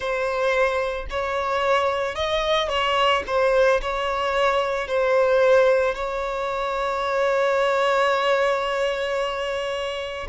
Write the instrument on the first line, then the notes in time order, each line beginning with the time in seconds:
violin
0.00 C5
1.10 C#5
2.15 D#5
2.69 C#5
3.26 C5
3.81 C#5
4.87 C5
5.94 C#5